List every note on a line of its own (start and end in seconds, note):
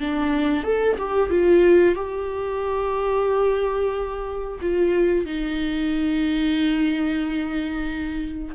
0.00 0.64 D4
0.64 0.97 A4
0.98 1.30 G4
1.30 1.95 F4
1.95 4.59 G4
4.61 5.25 F4
5.25 8.55 D#4